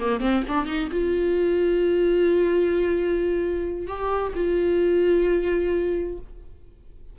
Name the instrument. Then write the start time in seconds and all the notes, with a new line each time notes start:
viola
0.00 A#3
0.21 C4
0.48 D4
0.66 D#4
0.92 F4
3.88 G4
4.35 F4